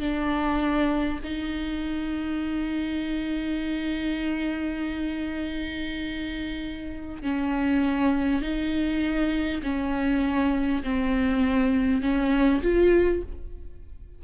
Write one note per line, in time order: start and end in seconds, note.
0.00 1.20 D4
1.23 7.22 D#4
7.22 8.42 C#4
8.42 9.62 D#4
9.62 10.82 C#4
10.83 12.02 C4
12.02 12.62 C#4
12.62 13.22 F4